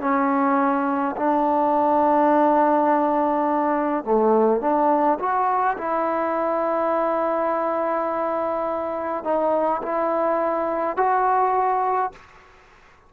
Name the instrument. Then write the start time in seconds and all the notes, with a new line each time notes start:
trombone
0.00 C#4
1.16 D4
4.04 A3
4.61 D4
5.19 F#4
5.78 E4
9.24 D#4
9.82 E4
10.97 F#4